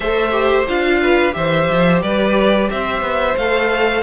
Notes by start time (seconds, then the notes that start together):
0.00 A3 A4 C5 E5
0.31 G4
0.67 D4 F4 F5
1.01 B4
1.31 E3 G4 C5 E5
1.70 F3
2.02 G3 B4 D5
2.70 C4 C5 E5
3.01 B3
3.37 A3 A4 F5